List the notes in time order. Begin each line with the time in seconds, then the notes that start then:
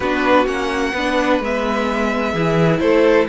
0.00 B3 D4 F#4 B4
0.46 A#3 C#4 F#5
0.93 B3 D4 B4
1.40 G#3 B3 E5
2.32 E3 E4 G#4
2.79 A3 A4 C5